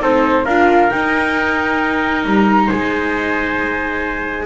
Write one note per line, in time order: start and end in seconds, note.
0.00 0.46 C4
0.00 0.45 D#4
0.00 0.44 A4
0.00 0.46 C5
0.44 0.90 D4
0.44 0.91 F4
0.44 2.67 A#4
0.44 0.90 F5
0.90 4.46 D#4
0.90 2.25 D#4
0.90 2.25 G5
2.25 2.70 G3
2.25 2.70 A#5
2.67 4.46 G#3
2.67 4.46 C5
2.67 4.46 G#5